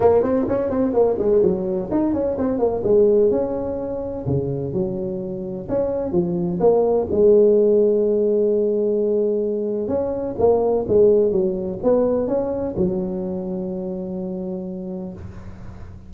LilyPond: \new Staff \with { instrumentName = "tuba" } { \time 4/4 \tempo 4 = 127 ais8 c'8 cis'8 c'8 ais8 gis8 fis4 | dis'8 cis'8 c'8 ais8 gis4 cis'4~ | cis'4 cis4 fis2 | cis'4 f4 ais4 gis4~ |
gis1~ | gis4 cis'4 ais4 gis4 | fis4 b4 cis'4 fis4~ | fis1 | }